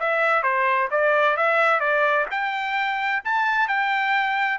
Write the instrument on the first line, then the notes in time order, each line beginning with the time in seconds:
trumpet
0.00 E5
0.43 C5
0.91 D5
1.37 E5
1.80 D5
2.31 G5
3.25 A5
3.68 G5